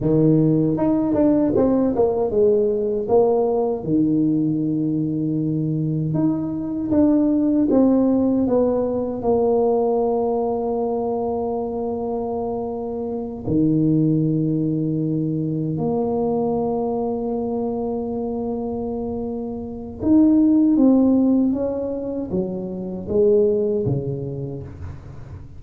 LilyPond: \new Staff \with { instrumentName = "tuba" } { \time 4/4 \tempo 4 = 78 dis4 dis'8 d'8 c'8 ais8 gis4 | ais4 dis2. | dis'4 d'4 c'4 b4 | ais1~ |
ais4. dis2~ dis8~ | dis8 ais2.~ ais8~ | ais2 dis'4 c'4 | cis'4 fis4 gis4 cis4 | }